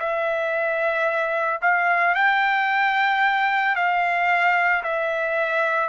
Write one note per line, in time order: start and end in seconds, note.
0.00 1.61 E5
1.62 2.15 F5
2.15 3.76 G5
3.76 4.83 F5
4.84 5.89 E5